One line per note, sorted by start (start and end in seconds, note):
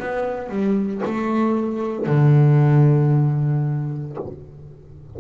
0.00 0.50 B3
0.50 1.02 G3
1.05 2.07 A3
2.07 4.17 D3